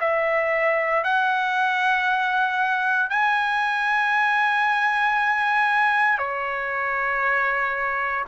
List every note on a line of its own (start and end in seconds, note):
0.00 1.03 E5
1.03 3.10 F#5
3.10 6.18 G#5
6.18 8.25 C#5